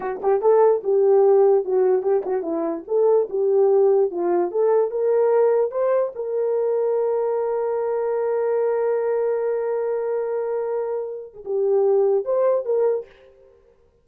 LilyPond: \new Staff \with { instrumentName = "horn" } { \time 4/4 \tempo 4 = 147 fis'8 g'8 a'4 g'2 | fis'4 g'8 fis'8 e'4 a'4 | g'2 f'4 a'4 | ais'2 c''4 ais'4~ |
ais'1~ | ais'1~ | ais'2.~ ais'8. gis'16 | g'2 c''4 ais'4 | }